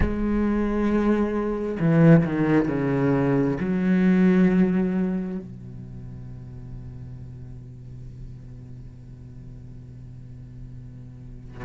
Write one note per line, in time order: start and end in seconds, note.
0.00 1.78 G#3
1.79 2.24 E3
2.24 2.68 D#3
2.68 3.57 C#3
3.59 5.38 F#3
5.38 11.65 B2